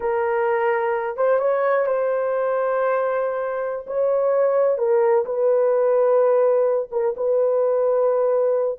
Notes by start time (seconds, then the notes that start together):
0.00 A#4
1.17 C5
1.39 C#5
1.86 C5
3.87 C#5
4.77 A#4
5.25 B4
6.91 A#4
7.17 B4